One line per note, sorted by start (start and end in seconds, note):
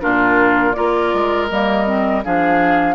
0.00 0.77 A#2
0.00 0.74 D4
0.00 0.76 F4
0.00 0.73 A#4
0.73 1.14 A#3
0.73 1.49 F4
0.73 2.25 A#4
0.73 1.47 D5
1.14 1.51 G#3
1.49 2.25 G3
1.49 1.86 A#3
1.49 2.23 D#5
1.86 2.23 C4
2.24 2.95 F3
2.24 2.95 D4
2.24 2.95 G#4
2.24 2.95 F5